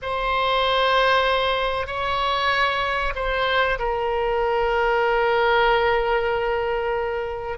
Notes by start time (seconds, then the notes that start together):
0.01 C5
1.86 C#5
3.15 C5
3.79 A#4